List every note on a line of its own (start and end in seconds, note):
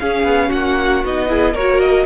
0.00 1.05 C#4
0.00 0.24 C#4
0.00 0.49 G#4
0.00 0.52 F5
0.24 0.50 B3
0.49 1.04 A#3
0.49 1.27 F#4
0.49 1.04 F#5
1.04 1.56 B3
1.04 1.29 D#4
1.04 1.56 D#5
1.29 1.55 E4
1.29 1.54 G#4
1.54 2.07 A#3
1.54 2.07 F#4
1.54 2.06 A#4
1.54 1.81 C#5
1.81 2.07 D#5